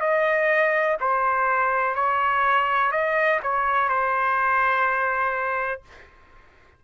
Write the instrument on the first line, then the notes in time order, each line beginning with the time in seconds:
trumpet
0.00 D#5
1.00 C5
1.95 C#5
2.91 D#5
3.42 C#5
3.88 C5